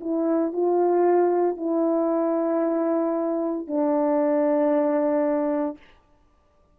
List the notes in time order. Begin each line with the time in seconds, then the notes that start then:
0.00 E4
0.53 F4
1.56 E4
3.67 D4